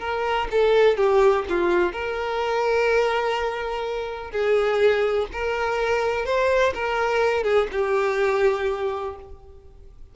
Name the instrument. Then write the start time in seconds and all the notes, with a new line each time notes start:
violin
0.00 A#4
0.51 A4
0.97 G4
1.49 F4
1.92 A#4
4.31 G#4
5.33 A#4
6.25 C5
6.74 A#4
7.43 G#4
7.72 G4